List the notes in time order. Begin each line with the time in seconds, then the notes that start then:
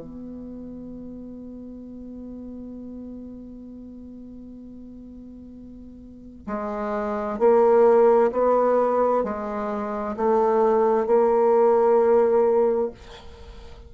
0.00 B3
6.47 G#3
7.39 A#3
8.32 B3
9.23 G#3
10.17 A3
11.06 A#3